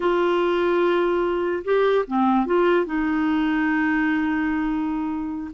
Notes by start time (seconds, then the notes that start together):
0.00 F4
1.64 G4
2.07 C4
2.46 F4
2.85 D#4